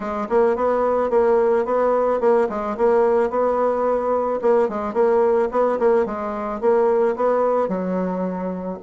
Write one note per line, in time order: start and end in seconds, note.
0.00 0.27 G#3
0.29 0.56 A#3
0.56 1.10 B3
1.10 1.65 A#3
1.65 2.20 B3
2.20 2.48 A#3
2.49 2.76 G#3
2.77 3.30 A#3
3.30 4.40 B3
4.41 4.68 A#3
4.68 4.93 G#3
4.93 5.48 A#3
5.51 5.78 B3
5.79 6.05 A#3
6.05 6.60 G#3
6.60 7.15 A#3
7.16 7.68 B3
7.68 8.78 F#3